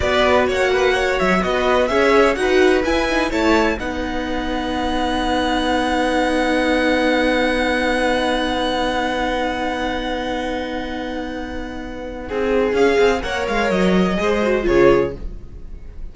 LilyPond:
<<
  \new Staff \with { instrumentName = "violin" } { \time 4/4 \tempo 4 = 127 d''4 fis''4. e''8 dis''4 | e''4 fis''4 gis''4 a''4 | fis''1~ | fis''1~ |
fis''1~ | fis''1~ | fis''2. f''4 | fis''8 f''8 dis''2 cis''4 | }
  \new Staff \with { instrumentName = "violin" } { \time 4/4 b'4 cis''8 b'8 cis''4 fis'4 | cis''4 b'2 cis''4 | b'1~ | b'1~ |
b'1~ | b'1~ | b'2 gis'2 | cis''2 c''4 gis'4 | }
  \new Staff \with { instrumentName = "viola" } { \time 4/4 fis'2.~ fis'16 b'8. | gis'4 fis'4 e'8 dis'8 e'4 | dis'1~ | dis'1~ |
dis'1~ | dis'1~ | dis'2. gis'4 | ais'2 gis'8 fis'8 f'4 | }
  \new Staff \with { instrumentName = "cello" } { \time 4/4 b4 ais4. fis8 b4 | cis'4 dis'4 e'4 a4 | b1~ | b1~ |
b1~ | b1~ | b2 c'4 cis'8 c'8 | ais8 gis8 fis4 gis4 cis4 | }
>>